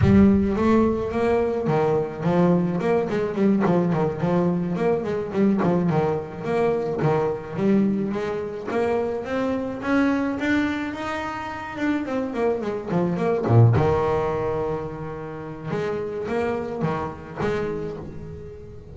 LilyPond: \new Staff \with { instrumentName = "double bass" } { \time 4/4 \tempo 4 = 107 g4 a4 ais4 dis4 | f4 ais8 gis8 g8 f8 dis8 f8~ | f8 ais8 gis8 g8 f8 dis4 ais8~ | ais8 dis4 g4 gis4 ais8~ |
ais8 c'4 cis'4 d'4 dis'8~ | dis'4 d'8 c'8 ais8 gis8 f8 ais8 | ais,8 dis2.~ dis8 | gis4 ais4 dis4 gis4 | }